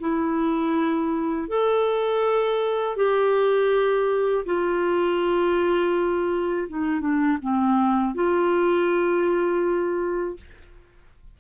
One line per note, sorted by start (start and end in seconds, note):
0.00 1.48 E4
1.48 2.96 A4
2.96 4.44 G4
4.45 6.68 F4
6.68 7.01 D#4
7.01 7.38 D4
7.42 8.14 C4
8.14 10.37 F4